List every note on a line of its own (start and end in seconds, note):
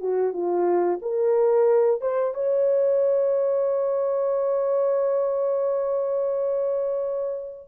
0.00 0.33 F#4
0.33 1.00 F4
1.02 2.01 A#4
2.01 2.34 C5
2.34 7.68 C#5